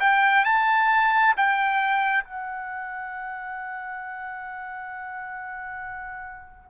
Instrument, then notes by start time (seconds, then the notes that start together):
trumpet
0.00 G5
0.44 A5
1.36 G5
2.24 F#5